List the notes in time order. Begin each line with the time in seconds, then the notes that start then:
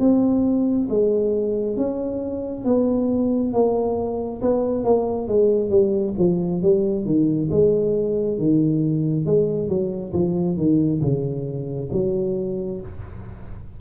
0.00 C4
0.90 G#3
1.77 C#4
2.65 B3
3.53 A#3
4.42 B3
4.84 A#3
5.28 G#3
5.70 G3
6.18 F3
6.63 G3
7.06 D#3
7.52 G#3
8.39 D#3
9.26 G#3
9.69 F#3
10.14 F3
10.58 D#3
11.02 C#3
11.93 F#3